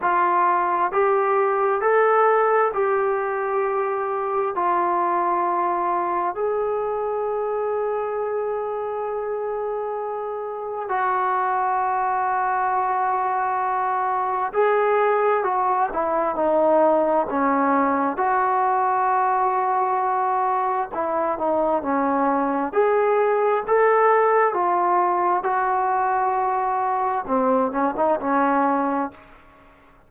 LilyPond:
\new Staff \with { instrumentName = "trombone" } { \time 4/4 \tempo 4 = 66 f'4 g'4 a'4 g'4~ | g'4 f'2 gis'4~ | gis'1 | fis'1 |
gis'4 fis'8 e'8 dis'4 cis'4 | fis'2. e'8 dis'8 | cis'4 gis'4 a'4 f'4 | fis'2 c'8 cis'16 dis'16 cis'4 | }